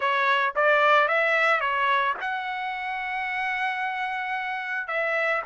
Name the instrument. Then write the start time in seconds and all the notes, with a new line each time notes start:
trumpet
0.00 C#5
0.55 D5
1.08 E5
1.60 C#5
2.20 F#5
4.87 E5